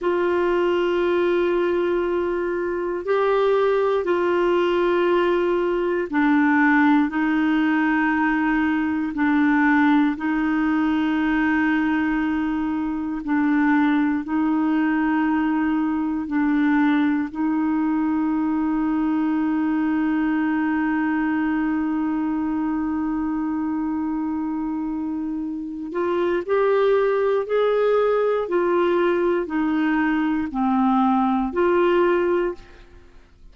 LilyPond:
\new Staff \with { instrumentName = "clarinet" } { \time 4/4 \tempo 4 = 59 f'2. g'4 | f'2 d'4 dis'4~ | dis'4 d'4 dis'2~ | dis'4 d'4 dis'2 |
d'4 dis'2.~ | dis'1~ | dis'4. f'8 g'4 gis'4 | f'4 dis'4 c'4 f'4 | }